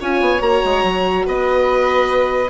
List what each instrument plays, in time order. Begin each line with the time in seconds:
0.00 bassoon C#4, horn F4, violin C#5, oboe G#5
0.21 bassoon B3
0.39 bassoon A#3, horn F#4, oboe A#5
0.65 bassoon G#3
0.83 bassoon F#3
1.26 bassoon B3, violin B4, oboe D#5